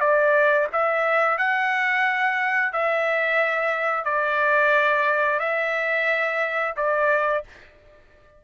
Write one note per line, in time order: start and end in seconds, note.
0.00 0.67 D5
0.72 1.38 E5
1.38 2.72 F#5
2.72 4.04 E5
4.04 5.39 D5
5.39 6.74 E5
6.76 7.44 D5